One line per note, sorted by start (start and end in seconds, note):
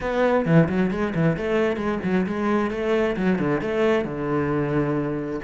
0.01 0.45 B3
0.45 0.68 E3
0.68 0.90 F#3
0.90 1.13 G#3
1.15 1.37 E3
1.37 1.76 A3
1.76 1.98 G#3
2.03 2.26 F#3
2.26 2.71 G#3
2.71 3.16 A3
3.16 3.38 F#3
3.38 3.61 D3
3.61 4.04 A3
4.04 5.40 D3